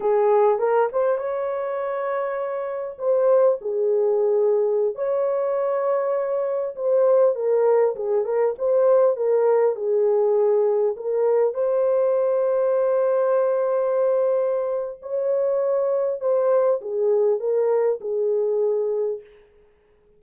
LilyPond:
\new Staff \with { instrumentName = "horn" } { \time 4/4 \tempo 4 = 100 gis'4 ais'8 c''8 cis''2~ | cis''4 c''4 gis'2~ | gis'16 cis''2. c''8.~ | c''16 ais'4 gis'8 ais'8 c''4 ais'8.~ |
ais'16 gis'2 ais'4 c''8.~ | c''1~ | c''4 cis''2 c''4 | gis'4 ais'4 gis'2 | }